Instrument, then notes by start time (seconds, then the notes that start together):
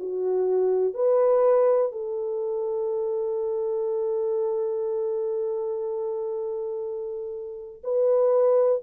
horn
0.00 F#4
0.94 B4
1.92 A4
7.84 B4